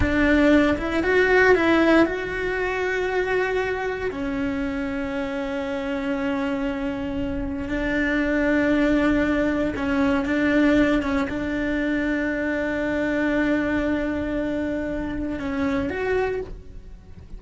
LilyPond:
\new Staff \with { instrumentName = "cello" } { \time 4/4 \tempo 4 = 117 d'4. e'8 fis'4 e'4 | fis'1 | cis'1~ | cis'2. d'4~ |
d'2. cis'4 | d'4. cis'8 d'2~ | d'1~ | d'2 cis'4 fis'4 | }